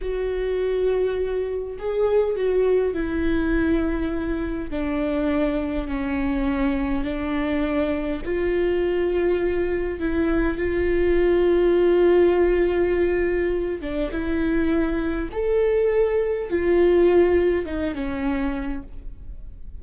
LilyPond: \new Staff \with { instrumentName = "viola" } { \time 4/4 \tempo 4 = 102 fis'2. gis'4 | fis'4 e'2. | d'2 cis'2 | d'2 f'2~ |
f'4 e'4 f'2~ | f'2.~ f'8 d'8 | e'2 a'2 | f'2 dis'8 cis'4. | }